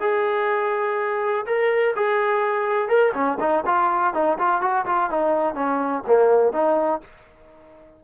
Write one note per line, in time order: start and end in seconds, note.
0.00 1.45 G#4
1.46 1.95 A#4
1.96 2.88 G#4
2.88 3.13 A#4
3.14 3.38 C#4
3.40 3.64 D#4
3.66 4.14 F4
4.14 4.38 D#4
4.38 4.61 F4
4.61 4.85 F#4
4.86 5.10 F4
5.10 5.54 D#4
5.54 6.03 C#4
6.07 6.52 A#3
6.52 7.01 D#4